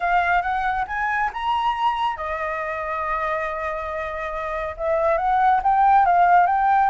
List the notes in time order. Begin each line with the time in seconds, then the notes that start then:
0.00 F5
0.42 F#5
0.87 G#5
1.33 A#5
2.16 D#5
4.77 E5
5.17 F#5
5.63 G5
6.05 F5
6.46 G5